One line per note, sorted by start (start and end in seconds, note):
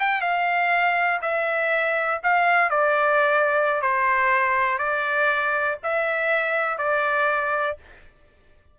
0.00 0.22 G5
0.22 1.21 F5
1.22 2.21 E5
2.24 2.71 F5
2.71 3.82 D5
3.82 4.79 C5
4.79 5.78 D5
5.84 6.78 E5
6.78 7.78 D5